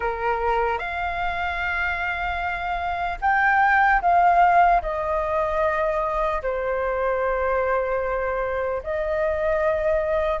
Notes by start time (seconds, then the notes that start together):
0.00 A#4
0.78 F5
3.21 G5
4.01 F5
4.81 D#5
6.42 C5
8.83 D#5